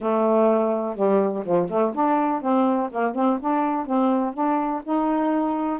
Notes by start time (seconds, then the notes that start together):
0.00 A3
0.95 G3
1.45 F3
1.69 A3
1.94 D4
2.41 C4
2.91 A#3
3.15 C4
3.40 D4
3.86 C4
4.33 D4
4.83 D#4